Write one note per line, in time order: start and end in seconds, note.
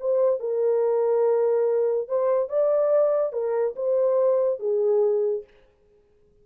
0.00 0.40 C5
0.40 2.08 A#4
2.08 2.49 C5
2.49 3.33 D5
3.33 3.75 A#4
3.76 4.60 C5
4.60 5.44 G#4